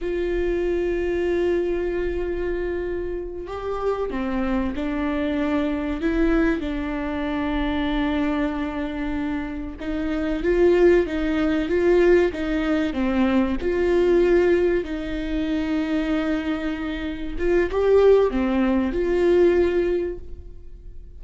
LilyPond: \new Staff \with { instrumentName = "viola" } { \time 4/4 \tempo 4 = 95 f'1~ | f'4. g'4 c'4 d'8~ | d'4. e'4 d'4.~ | d'2.~ d'8 dis'8~ |
dis'8 f'4 dis'4 f'4 dis'8~ | dis'8 c'4 f'2 dis'8~ | dis'2.~ dis'8 f'8 | g'4 c'4 f'2 | }